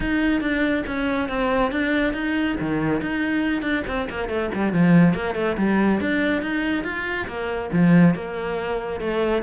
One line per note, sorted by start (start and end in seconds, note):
0.00 0.40 D#4
0.40 0.83 D4
0.86 1.29 C#4
1.29 1.71 C4
1.71 2.13 D4
2.13 2.56 D#4
2.60 3.01 D#3
3.01 3.62 D#4
3.62 3.83 D4
3.87 4.08 C4
4.09 4.28 A#3
4.28 4.50 A3
4.54 4.73 G3
4.73 5.14 F3
5.14 5.35 A#3
5.35 5.56 A3
5.57 6.00 G3
6.00 6.41 D4
6.41 6.84 D#4
6.84 7.26 F4
7.27 7.70 A#3
7.72 8.14 F3
8.14 9.00 A#3
9.00 9.42 A3